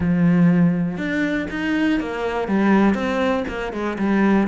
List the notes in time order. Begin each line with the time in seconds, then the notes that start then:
0.00 F3
0.97 D4
1.50 D#4
2.00 A#3
2.47 G3
2.94 C4
3.48 A#3
3.72 G#3
3.98 G3